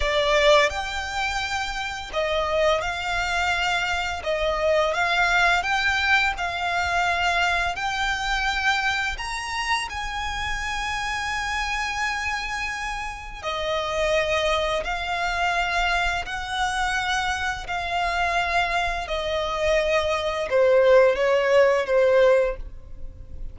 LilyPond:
\new Staff \with { instrumentName = "violin" } { \time 4/4 \tempo 4 = 85 d''4 g''2 dis''4 | f''2 dis''4 f''4 | g''4 f''2 g''4~ | g''4 ais''4 gis''2~ |
gis''2. dis''4~ | dis''4 f''2 fis''4~ | fis''4 f''2 dis''4~ | dis''4 c''4 cis''4 c''4 | }